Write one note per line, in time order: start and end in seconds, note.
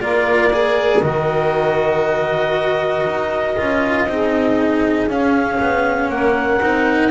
0.00 1.02 A#3
0.00 0.51 F4
0.00 4.09 A#4
0.00 1.02 D5
0.53 1.02 G#4
1.02 3.05 D#3
1.02 3.57 F#4
1.02 5.08 D#5
3.05 3.56 D#4
3.57 4.05 C#4
3.57 4.08 F4
4.05 5.07 C4
4.05 5.10 D#4
4.05 6.12 G#4
5.07 5.58 C#4
5.07 6.60 C#4
5.07 6.10 F5
5.60 6.09 B3
6.09 6.60 A#3
6.09 7.10 A#4
6.09 7.10 F#5
6.60 7.10 C4
6.60 7.10 D#4